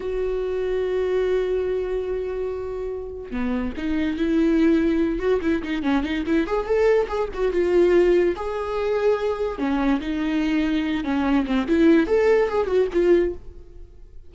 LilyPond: \new Staff \with { instrumentName = "viola" } { \time 4/4 \tempo 4 = 144 fis'1~ | fis'1 | b4 dis'4 e'2~ | e'8 fis'8 e'8 dis'8 cis'8 dis'8 e'8 gis'8 |
a'4 gis'8 fis'8 f'2 | gis'2. cis'4 | dis'2~ dis'8 cis'4 c'8 | e'4 a'4 gis'8 fis'8 f'4 | }